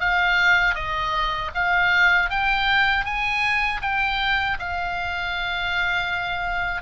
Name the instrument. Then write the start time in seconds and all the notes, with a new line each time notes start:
oboe
0.00 F5
0.75 D#5
1.54 F5
2.30 G5
3.05 G#5
3.82 G5
4.59 F5